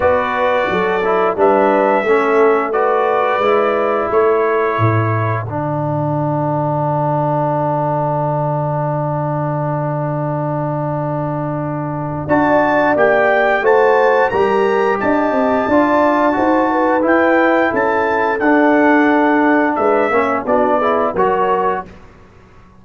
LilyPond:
<<
  \new Staff \with { instrumentName = "trumpet" } { \time 4/4 \tempo 4 = 88 d''2 e''2 | d''2 cis''2 | fis''1~ | fis''1~ |
fis''2 a''4 g''4 | a''4 ais''4 a''2~ | a''4 g''4 a''4 fis''4~ | fis''4 e''4 d''4 cis''4 | }
  \new Staff \with { instrumentName = "horn" } { \time 4/4 b'4 a'4 b'4 a'4 | b'2 a'2~ | a'1~ | a'1~ |
a'2 d''2 | c''4 ais'4 dis''4 d''4 | c''8 b'4. a'2~ | a'4 b'8 cis''8 fis'8 gis'8 ais'4 | }
  \new Staff \with { instrumentName = "trombone" } { \time 4/4 fis'4. e'8 d'4 cis'4 | fis'4 e'2. | d'1~ | d'1~ |
d'2 fis'4 g'4 | fis'4 g'2 f'4 | fis'4 e'2 d'4~ | d'4. cis'8 d'8 e'8 fis'4 | }
  \new Staff \with { instrumentName = "tuba" } { \time 4/4 b4 fis4 g4 a4~ | a4 gis4 a4 a,4 | d1~ | d1~ |
d2 d'4 ais4 | a4 g4 d'8 c'8 d'4 | dis'4 e'4 cis'4 d'4~ | d'4 gis8 ais8 b4 fis4 | }
>>